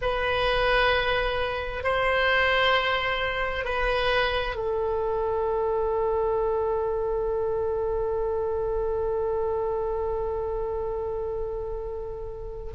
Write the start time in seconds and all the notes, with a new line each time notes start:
0.01 B4
1.83 C5
3.64 B4
4.55 A4